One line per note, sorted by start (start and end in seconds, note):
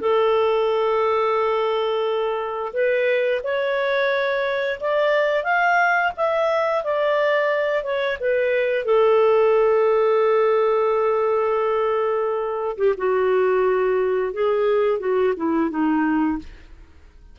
0.00 2.73 A4
2.73 3.42 B4
3.43 4.80 C#5
4.80 5.44 D5
5.44 6.12 F5
6.16 6.84 E5
6.84 7.83 D5
7.83 8.18 C#5
8.20 8.85 B4
8.85 12.77 A4
12.77 12.95 G4
12.98 14.33 F#4
14.33 15.00 G#4
15.00 15.34 F#4
15.37 15.70 E4
15.70 16.39 D#4